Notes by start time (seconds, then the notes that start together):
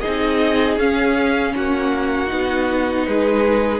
0.00 D#4 G#4 D#5
0.06 C4
0.77 C#4 F5
1.55 A#3 F#4 F#5
2.27 B3 D#4
3.06 G#3 G#4 B4